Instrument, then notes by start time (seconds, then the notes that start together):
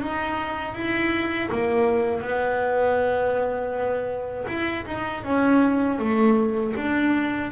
double bass
0.00 D#4
0.74 E4
1.51 A#3
2.21 B3
4.47 E4
4.86 D#4
5.23 C#4
5.98 A3
6.76 D4